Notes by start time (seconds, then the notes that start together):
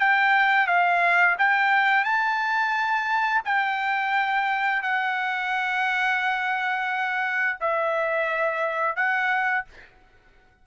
0.00 G5
0.67 F5
1.39 G5
2.04 A5
3.45 G5
4.82 F#5
7.60 E5
8.96 F#5